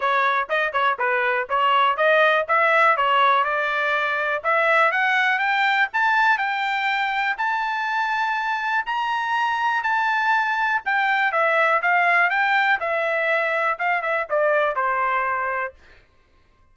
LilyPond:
\new Staff \with { instrumentName = "trumpet" } { \time 4/4 \tempo 4 = 122 cis''4 dis''8 cis''8 b'4 cis''4 | dis''4 e''4 cis''4 d''4~ | d''4 e''4 fis''4 g''4 | a''4 g''2 a''4~ |
a''2 ais''2 | a''2 g''4 e''4 | f''4 g''4 e''2 | f''8 e''8 d''4 c''2 | }